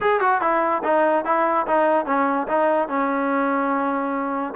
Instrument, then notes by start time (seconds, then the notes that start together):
trombone
0.00 G#4
0.20 F#4
0.41 E4
0.83 D#4
1.25 E4
1.67 D#4
2.05 C#4
2.47 D#4
2.88 C#4